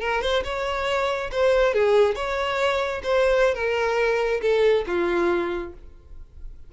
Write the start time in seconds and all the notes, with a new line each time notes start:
0.00 A#4
0.22 C5
0.44 C#5
1.32 C5
1.74 G#4
2.16 C#5
3.04 C5
3.55 A#4
4.42 A4
4.87 F4